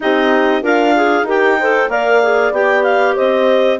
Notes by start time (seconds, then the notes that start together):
0.00 C4 D#4 G4 D#5
0.62 D4 F4 A#4 F5
0.95 G#4
1.22 D#4 G4 A#4 G5
1.59 A4 C5
1.88 A#3 A#4 D5 F5
2.22 G#4
2.51 B3 G4 G5
2.83 F5
3.14 C4 C5 D#5